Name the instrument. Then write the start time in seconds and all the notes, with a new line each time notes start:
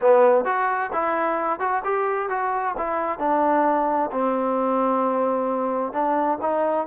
trombone
0.01 B3
0.44 F#4
0.92 E4
1.59 F#4
1.84 G4
2.29 F#4
2.77 E4
3.18 D4
4.11 C4
5.92 D4
6.41 D#4